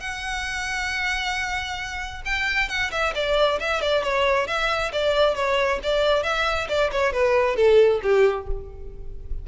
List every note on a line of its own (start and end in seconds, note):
0.00 2.22 F#5
2.25 2.69 G5
2.69 2.91 F#5
2.91 3.13 E5
3.15 3.59 D5
3.60 3.81 E5
3.81 4.03 D5
4.03 4.47 C#5
4.47 4.92 E5
4.93 5.35 D5
5.35 5.80 C#5
5.83 6.23 D5
6.23 6.68 E5
6.69 6.91 D5
6.92 7.13 C#5
7.13 7.56 B4
7.56 8.00 A4
8.03 8.47 G4